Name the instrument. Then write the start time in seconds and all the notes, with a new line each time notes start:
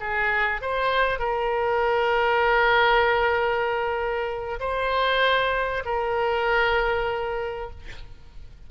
oboe
0.00 G#4
0.61 C5
1.19 A#4
4.60 C5
5.85 A#4